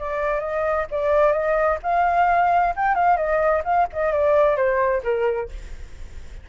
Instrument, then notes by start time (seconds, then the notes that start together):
flute
0.00 D5
0.41 D#5
0.91 D5
1.33 D#5
1.83 F5
2.77 G5
2.95 F5
3.17 D#5
3.65 F5
3.93 D#5
4.13 D5
4.57 C5
5.04 A#4